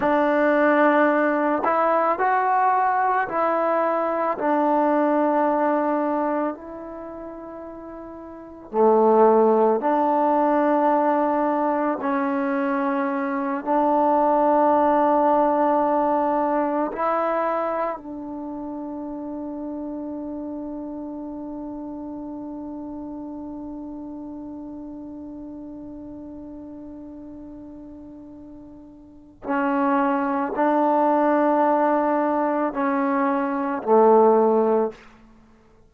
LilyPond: \new Staff \with { instrumentName = "trombone" } { \time 4/4 \tempo 4 = 55 d'4. e'8 fis'4 e'4 | d'2 e'2 | a4 d'2 cis'4~ | cis'8 d'2. e'8~ |
e'8 d'2.~ d'8~ | d'1~ | d'2. cis'4 | d'2 cis'4 a4 | }